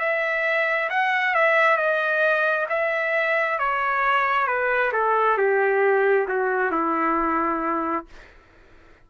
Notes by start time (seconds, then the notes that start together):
0.00 E5
0.90 F#5
1.35 E5
1.77 D#5
2.69 E5
3.59 C#5
4.47 B4
4.93 A4
5.38 G4
6.28 F#4
6.72 E4